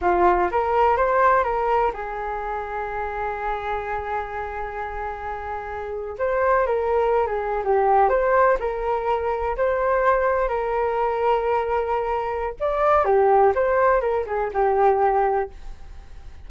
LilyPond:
\new Staff \with { instrumentName = "flute" } { \time 4/4 \tempo 4 = 124 f'4 ais'4 c''4 ais'4 | gis'1~ | gis'1~ | gis'8. c''4 ais'4~ ais'16 gis'8. g'16~ |
g'8. c''4 ais'2 c''16~ | c''4.~ c''16 ais'2~ ais'16~ | ais'2 d''4 g'4 | c''4 ais'8 gis'8 g'2 | }